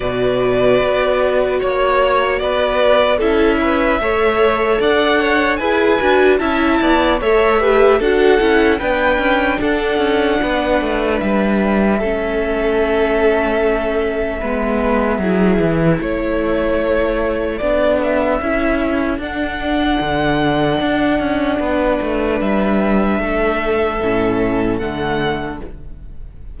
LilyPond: <<
  \new Staff \with { instrumentName = "violin" } { \time 4/4 \tempo 4 = 75 d''2 cis''4 d''4 | e''2 fis''4 gis''4 | a''4 e''4 fis''4 g''4 | fis''2 e''2~ |
e''1 | cis''2 d''8 e''4. | fis''1 | e''2. fis''4 | }
  \new Staff \with { instrumentName = "violin" } { \time 4/4 b'2 cis''4 b'4 | a'8 b'8 cis''4 d''8 cis''8 b'4 | e''8 d''8 cis''8 b'8 a'4 b'4 | a'4 b'2 a'4~ |
a'2 b'4 gis'4 | a'1~ | a'2. b'4~ | b'4 a'2. | }
  \new Staff \with { instrumentName = "viola" } { \time 4/4 fis'1 | e'4 a'2 gis'8 fis'8 | e'4 a'8 g'8 fis'8 e'8 d'4~ | d'2. cis'4~ |
cis'2 b4 e'4~ | e'2 d'4 e'4 | d'1~ | d'2 cis'4 a4 | }
  \new Staff \with { instrumentName = "cello" } { \time 4/4 b,4 b4 ais4 b4 | cis'4 a4 d'4 e'8 d'8 | cis'8 b8 a4 d'8 cis'8 b8 cis'8 | d'8 cis'8 b8 a8 g4 a4~ |
a2 gis4 fis8 e8 | a2 b4 cis'4 | d'4 d4 d'8 cis'8 b8 a8 | g4 a4 a,4 d4 | }
>>